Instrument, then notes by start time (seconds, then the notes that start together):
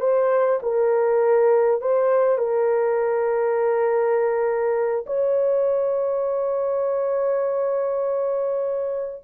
horn
0.00 C5
0.62 A#4
1.81 C5
2.38 A#4
5.06 C#5